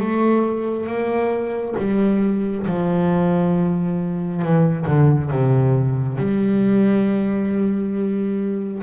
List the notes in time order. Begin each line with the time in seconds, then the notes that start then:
0.00 A3
0.86 A#3
1.77 G3
2.66 F3
4.42 E3
4.86 D3
5.30 C3
6.17 G3